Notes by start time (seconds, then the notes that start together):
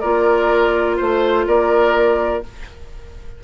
0.00 A#3 F4 A#4 D5
0.97 A3 C5
1.47 A#3 A#4 D5